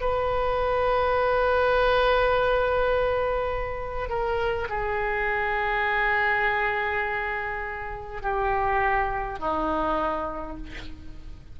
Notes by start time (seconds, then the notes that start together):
0.00 B4
4.09 A#4
4.69 G#4
8.21 G4
9.39 D#4